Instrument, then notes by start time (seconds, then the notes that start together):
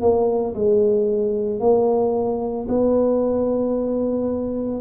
tuba
0.00 A#3
0.54 G#3
1.60 A#3
2.68 B3